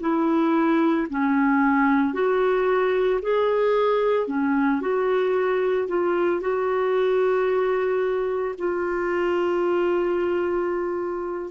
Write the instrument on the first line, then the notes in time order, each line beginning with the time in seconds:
clarinet
0.00 E4
1.09 C#4
2.13 F#4
3.21 G#4
4.27 C#4
4.80 F#4
5.87 F4
6.40 F#4
8.58 F4